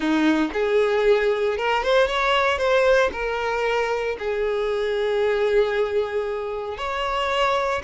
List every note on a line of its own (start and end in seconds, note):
0.00 0.51 D#4
0.53 1.57 G#4
1.57 1.83 A#4
1.83 2.07 C5
2.07 2.58 C#5
2.58 3.10 C5
3.12 4.16 A#4
4.18 6.77 G#4
6.77 7.82 C#5